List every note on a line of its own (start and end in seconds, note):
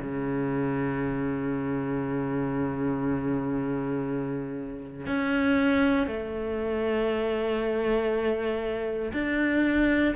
0.00 5.07 C#3
5.07 6.07 C#4
6.07 9.12 A3
9.13 10.15 D4